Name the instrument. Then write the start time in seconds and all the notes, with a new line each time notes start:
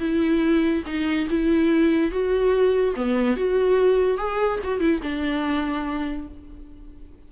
viola
0.00 E4
0.87 D#4
1.30 E4
2.11 F#4
2.96 B3
3.37 F#4
4.18 G#4
4.64 F#4
4.80 E4
5.03 D4